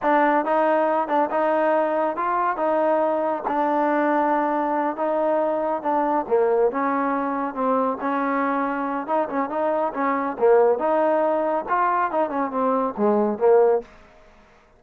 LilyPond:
\new Staff \with { instrumentName = "trombone" } { \time 4/4 \tempo 4 = 139 d'4 dis'4. d'8 dis'4~ | dis'4 f'4 dis'2 | d'2.~ d'8 dis'8~ | dis'4. d'4 ais4 cis'8~ |
cis'4. c'4 cis'4.~ | cis'4 dis'8 cis'8 dis'4 cis'4 | ais4 dis'2 f'4 | dis'8 cis'8 c'4 gis4 ais4 | }